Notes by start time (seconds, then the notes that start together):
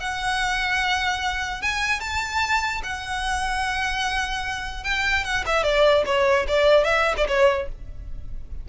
0.00 F#5
1.62 G#5
2.00 A5
2.83 F#5
4.84 G5
5.24 F#5
5.47 E5
5.64 D5
6.06 C#5
6.48 D5
6.84 E5
7.17 D5
7.28 C#5